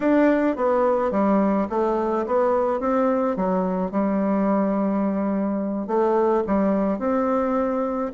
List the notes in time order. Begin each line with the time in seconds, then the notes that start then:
0.00 D4
0.56 B3
1.11 G3
1.69 A3
2.26 B3
2.80 C4
3.36 F#3
3.91 G3
5.87 A3
6.46 G3
6.99 C4